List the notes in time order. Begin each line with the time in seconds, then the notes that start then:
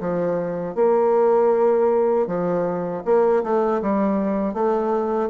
0.00 F3
0.75 A#3
2.27 F3
3.05 A#3
3.43 A3
3.82 G3
4.54 A3